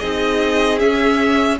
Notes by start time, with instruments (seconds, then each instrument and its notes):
0.00 cello C4, viola D#4, violin G#4 D#5
0.79 viola C#4, cello C#4, violin E5